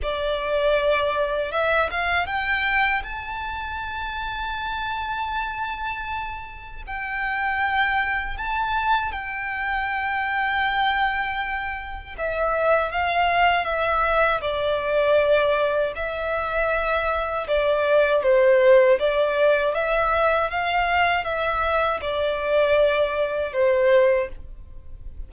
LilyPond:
\new Staff \with { instrumentName = "violin" } { \time 4/4 \tempo 4 = 79 d''2 e''8 f''8 g''4 | a''1~ | a''4 g''2 a''4 | g''1 |
e''4 f''4 e''4 d''4~ | d''4 e''2 d''4 | c''4 d''4 e''4 f''4 | e''4 d''2 c''4 | }